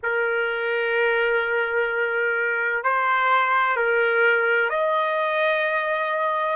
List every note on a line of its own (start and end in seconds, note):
0.03 2.83 A#4
2.83 3.76 C5
3.76 4.69 A#4
4.69 6.56 D#5